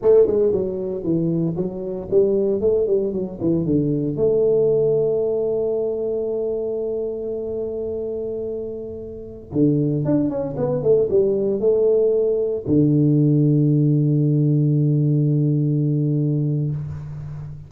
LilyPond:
\new Staff \with { instrumentName = "tuba" } { \time 4/4 \tempo 4 = 115 a8 gis8 fis4 e4 fis4 | g4 a8 g8 fis8 e8 d4 | a1~ | a1~ |
a2~ a16 d4 d'8 cis'16~ | cis'16 b8 a8 g4 a4.~ a16~ | a16 d2.~ d8.~ | d1 | }